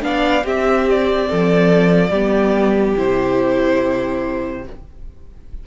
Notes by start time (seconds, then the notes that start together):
0.00 B3 D4 D5 F5
0.43 C4 G4 E5
0.89 D5
1.29 F3 A4
2.10 G3 B3 G4
2.96 C3 E4 C5